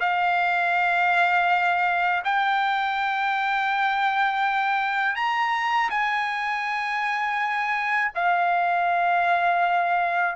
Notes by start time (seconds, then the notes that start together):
0.00 F5
2.24 G5
5.15 A#5
5.90 G#5
8.15 F5